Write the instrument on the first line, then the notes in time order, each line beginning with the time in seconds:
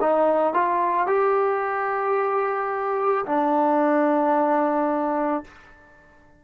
trombone
0.00 D#4
0.53 F4
1.07 G4
3.25 D4